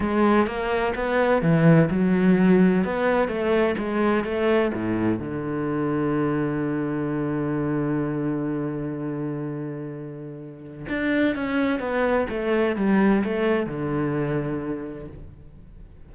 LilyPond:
\new Staff \with { instrumentName = "cello" } { \time 4/4 \tempo 4 = 127 gis4 ais4 b4 e4 | fis2 b4 a4 | gis4 a4 a,4 d4~ | d1~ |
d1~ | d2. d'4 | cis'4 b4 a4 g4 | a4 d2. | }